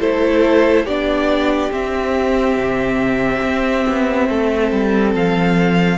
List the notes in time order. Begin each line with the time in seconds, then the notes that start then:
0.00 A3 E4 A4 C5
0.84 B3 D4 G4 D5
1.71 C4 E5
2.56 C3
3.43 C4
3.88 B3
4.29 A3 A4
4.72 G3
5.15 F3 F5